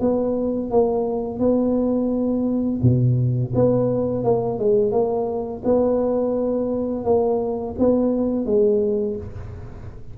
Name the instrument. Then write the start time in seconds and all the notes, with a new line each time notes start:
tuba
0.00 B3
0.71 A#3
1.39 B3
2.83 B2
3.55 B3
4.24 A#3
4.59 G#3
4.92 A#3
5.64 B3
7.05 A#3
7.79 B3
8.46 G#3